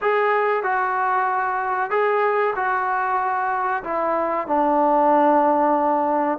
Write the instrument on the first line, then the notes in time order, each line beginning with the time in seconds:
trombone
0.01 G#4
0.63 F#4
1.90 G#4
2.55 F#4
3.83 E4
4.47 D4